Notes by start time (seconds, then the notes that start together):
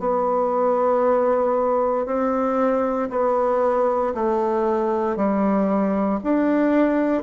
0.00 B3
2.06 C4
3.10 B3
4.15 A3
5.17 G3
6.24 D4